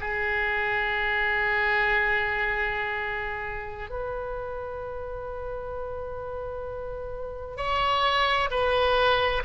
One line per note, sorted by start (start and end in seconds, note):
0.00 3.89 G#4
3.89 7.57 B4
7.57 8.49 C#5
8.50 9.42 B4